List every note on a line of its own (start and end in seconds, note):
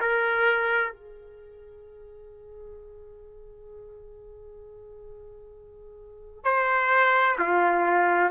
0.00 0.92 A#4
0.92 6.44 G#4
6.44 7.36 C5
7.38 8.30 F4